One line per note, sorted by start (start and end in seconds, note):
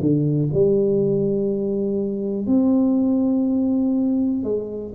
0.00 0.49 D3
0.54 2.47 G3
2.47 4.44 C4
4.44 4.93 G#3